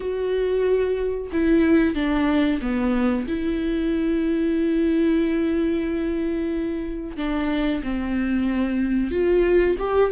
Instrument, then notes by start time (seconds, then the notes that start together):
viola
0.00 F#4
1.32 E4
1.94 D4
2.61 B3
3.27 E4
7.17 D4
7.83 C4
9.11 F4
9.79 G4